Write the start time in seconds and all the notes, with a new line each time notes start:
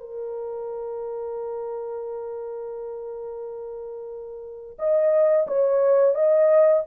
0.00 A#4
4.79 D#5
5.47 C#5
6.15 D#5